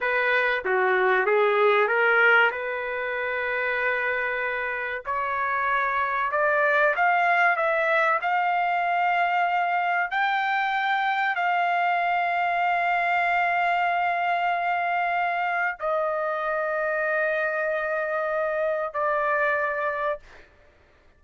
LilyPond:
\new Staff \with { instrumentName = "trumpet" } { \time 4/4 \tempo 4 = 95 b'4 fis'4 gis'4 ais'4 | b'1 | cis''2 d''4 f''4 | e''4 f''2. |
g''2 f''2~ | f''1~ | f''4 dis''2.~ | dis''2 d''2 | }